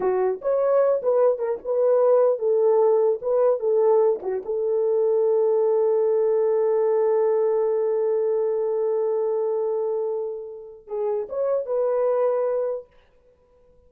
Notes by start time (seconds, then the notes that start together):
0.00 F#4
0.41 C#5
1.02 B4
1.38 A#4
1.64 B4
2.38 A4
3.21 B4
3.59 A4
4.22 F#4
4.45 A4
10.87 G#4
11.29 C#5
11.66 B4